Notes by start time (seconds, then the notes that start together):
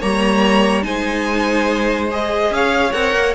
0.00 G3 A#3 C#5 A#5
0.82 G#3 D#4 C5 G#5
2.10 G#4 D#5
2.50 C#4 C#5 F5
2.92 C4 A#4 F#5
3.14 A#3